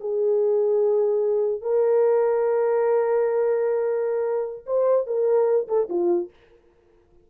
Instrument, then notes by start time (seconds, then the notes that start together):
horn
0.00 G#4
1.61 A#4
4.66 C5
5.06 A#4
5.68 A4
5.89 F4